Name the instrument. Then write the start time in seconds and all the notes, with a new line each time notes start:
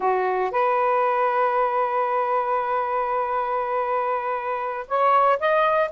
saxophone
0.00 F#4
0.51 B4
4.87 C#5
5.39 D#5